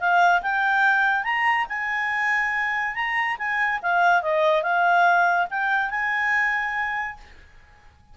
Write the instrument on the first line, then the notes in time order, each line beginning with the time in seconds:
clarinet
0.00 F5
0.43 G5
1.24 A#5
1.69 G#5
2.95 A#5
3.38 G#5
3.83 F5
4.22 D#5
4.63 F5
5.50 G5
5.91 G#5